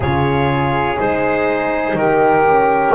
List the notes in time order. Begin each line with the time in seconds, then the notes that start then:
0.00 C#3 F4 G#4 C#5
0.97 G#3 D#4 C5
1.94 D#3 G4 A#4
2.45 C#4